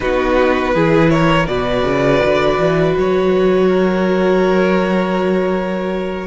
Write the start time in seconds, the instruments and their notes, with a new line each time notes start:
0.00 cello B3, viola D#4, violin F#4 B4
0.74 cello E3, viola E4, violin G#4
1.09 violin A#4 C#5
1.46 cello B2, viola F#4, violin B4 D5
1.83 cello C#3
2.24 cello D3
2.58 cello E3
2.97 cello F#3, violin C#5
3.68 violin A#4